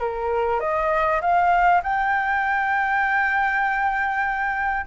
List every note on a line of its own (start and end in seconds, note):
0.00 0.61 A#4
0.61 1.21 D#5
1.21 1.82 F5
1.83 4.87 G5